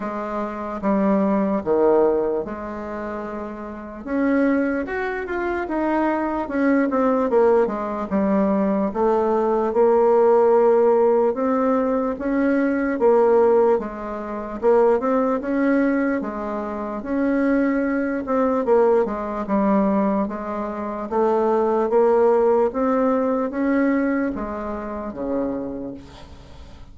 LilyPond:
\new Staff \with { instrumentName = "bassoon" } { \time 4/4 \tempo 4 = 74 gis4 g4 dis4 gis4~ | gis4 cis'4 fis'8 f'8 dis'4 | cis'8 c'8 ais8 gis8 g4 a4 | ais2 c'4 cis'4 |
ais4 gis4 ais8 c'8 cis'4 | gis4 cis'4. c'8 ais8 gis8 | g4 gis4 a4 ais4 | c'4 cis'4 gis4 cis4 | }